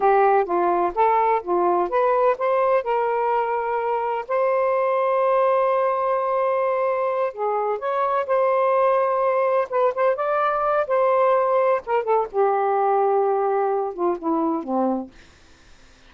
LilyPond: \new Staff \with { instrumentName = "saxophone" } { \time 4/4 \tempo 4 = 127 g'4 f'4 a'4 f'4 | b'4 c''4 ais'2~ | ais'4 c''2.~ | c''2.~ c''8 gis'8~ |
gis'8 cis''4 c''2~ c''8~ | c''8 b'8 c''8 d''4. c''4~ | c''4 ais'8 a'8 g'2~ | g'4. f'8 e'4 c'4 | }